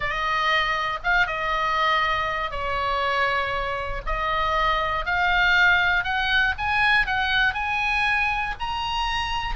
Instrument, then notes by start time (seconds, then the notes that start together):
oboe
0.00 D#5
1.03 F5
1.26 D#5
2.50 C#5
4.06 D#5
5.05 F5
6.03 F#5
6.58 G#5
7.06 F#5
7.54 G#5
8.59 A#5